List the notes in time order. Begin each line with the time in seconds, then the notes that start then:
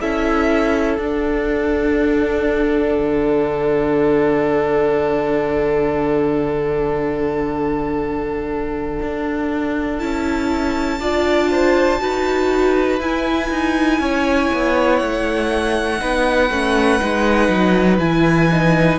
0.00 C#4 E4 A4 E5
0.97 D4 F#5
2.99 D3
9.02 D4
9.99 C#4 E4 A5
11.00 D4 F4 D5
11.50 C5
11.99 D#4 F#4 B4
12.99 E4 G#5
13.50 D#4
13.99 C#4 C#5
14.53 B3
14.96 A3 F#5
15.98 B3 D#4 B4
16.50 A3 C#4
17.00 G#3 D#4
17.48 F#3
17.98 E3 E4 G#5
18.51 D#4